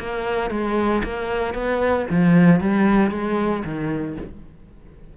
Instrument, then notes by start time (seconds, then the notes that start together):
cello
0.00 A#3
0.51 G#3
1.04 A#3
1.54 B3
2.11 F3
2.61 G3
3.11 G#3
3.65 D#3